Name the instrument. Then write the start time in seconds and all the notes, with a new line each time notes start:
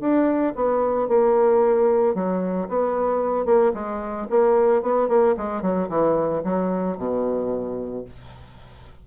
bassoon
0.00 D4
0.55 B3
1.08 A#3
2.14 F#3
2.69 B3
3.46 A#3
3.74 G#3
4.30 A#3
4.82 B3
5.08 A#3
5.37 G#3
5.62 F#3
5.89 E3
6.44 F#3
6.97 B2